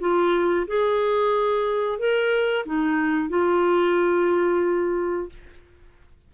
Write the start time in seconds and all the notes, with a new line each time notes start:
0.00 F4
0.67 G#4
1.99 A#4
2.66 D#4
3.29 F4